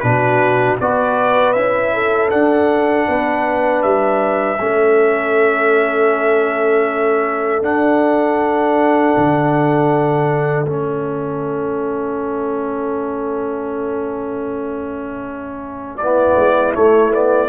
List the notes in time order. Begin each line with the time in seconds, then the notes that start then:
0.00 B2 D4 F#4 B4
0.80 B3 F#4 B4 D5
1.53 C#4 E4 E5
1.94 A4
2.30 D4 F#5
3.08 B3 B4
3.82 G3 E5
4.59 A3 C#4 A4
7.62 D4 F#5
9.17 D3
10.65 A3 C#4 E5
15.96 E4 D5
16.02 B3
16.35 G#3
16.74 A3 C#5
17.12 B3 D5